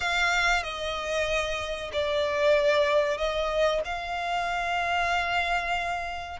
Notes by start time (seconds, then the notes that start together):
0.00 F5
0.63 D#5
1.92 D5
3.17 D#5
3.84 F5